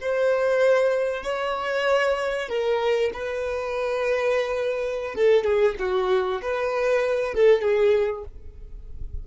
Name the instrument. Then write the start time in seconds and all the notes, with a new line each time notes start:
violin
0.00 C5
1.23 C#5
2.48 A#4
3.13 B4
5.15 A4
5.44 G#4
5.79 F#4
6.41 B4
7.34 A4
7.61 G#4